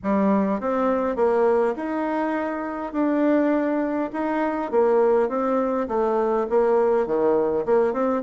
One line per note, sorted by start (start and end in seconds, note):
0.03 0.60 G3
0.60 1.16 C4
1.16 1.74 A#3
1.76 2.93 D#4
2.93 4.10 D4
4.12 4.71 D#4
4.71 5.29 A#3
5.29 5.87 C4
5.88 6.47 A3
6.49 7.06 A#3
7.06 7.65 D#3
7.65 7.93 A#3
7.93 8.22 C4